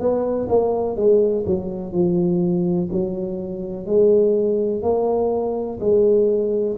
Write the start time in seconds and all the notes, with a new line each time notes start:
0.00 B3
0.49 A#3
0.96 G#3
1.46 F#3
1.93 F3
2.92 F#3
3.86 G#3
4.82 A#3
5.80 G#3